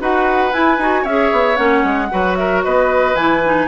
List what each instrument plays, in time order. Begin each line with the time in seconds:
0.00 bassoon D#4, clarinet F#4, oboe B4, flute F#5
0.52 clarinet E4, bassoon E4, flute G#5
0.78 bassoon D#4, clarinet F#4
1.02 bassoon C#4, oboe C#5, flute E5
1.08 clarinet G#4
1.32 bassoon B3
1.56 bassoon A#3, clarinet C#4, flute F#5
1.84 bassoon G#3
2.11 bassoon F#3, clarinet F#4, oboe B4
2.36 oboe A#4, flute E5
2.64 bassoon B3, oboe B4, flute D#5
3.15 bassoon E3, clarinet E4, flute G#5
3.44 clarinet D#4